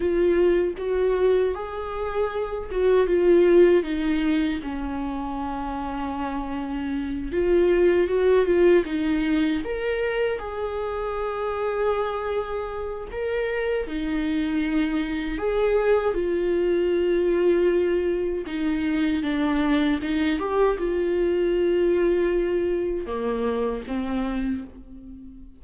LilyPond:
\new Staff \with { instrumentName = "viola" } { \time 4/4 \tempo 4 = 78 f'4 fis'4 gis'4. fis'8 | f'4 dis'4 cis'2~ | cis'4. f'4 fis'8 f'8 dis'8~ | dis'8 ais'4 gis'2~ gis'8~ |
gis'4 ais'4 dis'2 | gis'4 f'2. | dis'4 d'4 dis'8 g'8 f'4~ | f'2 ais4 c'4 | }